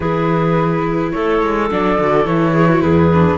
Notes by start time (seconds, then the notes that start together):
0.00 E3 E4 G#4 B4
1.11 A3 A4 C#5
1.42 G#3
1.70 F#3 D4 D5
1.98 D3 F#4
2.25 E3 E4 C#5
2.52 G#4
2.68 F#4
2.81 E2 G#4 B4
3.13 D4